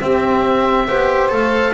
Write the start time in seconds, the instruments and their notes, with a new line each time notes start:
0.00 cello C4, double bass C4, saxophone G4, oboe E5
0.87 double bass B3, cello G4, saxophone C5
1.29 double bass A3, cello A4, oboe F5